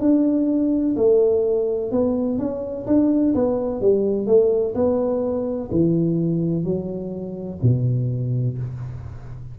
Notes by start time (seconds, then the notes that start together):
0.00 D4
0.96 A3
1.91 B3
2.39 C#4
2.87 D4
3.35 B3
3.81 G3
4.26 A3
4.75 B3
5.71 E3
6.64 F#3
7.62 B2